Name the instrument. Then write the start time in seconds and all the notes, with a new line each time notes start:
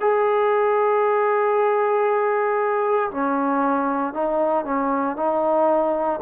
trombone
0.00 G#4
3.11 C#4
4.13 D#4
4.65 C#4
5.16 D#4